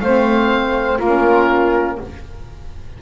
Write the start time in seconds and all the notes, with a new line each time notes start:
0.00 A3 C4 C5 F5
0.98 A#3 C#4 F4 A#4